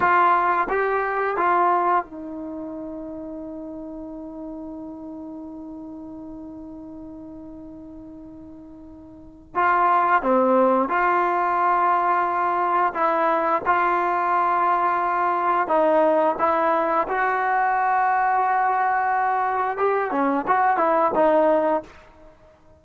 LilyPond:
\new Staff \with { instrumentName = "trombone" } { \time 4/4 \tempo 4 = 88 f'4 g'4 f'4 dis'4~ | dis'1~ | dis'1~ | dis'2 f'4 c'4 |
f'2. e'4 | f'2. dis'4 | e'4 fis'2.~ | fis'4 g'8 cis'8 fis'8 e'8 dis'4 | }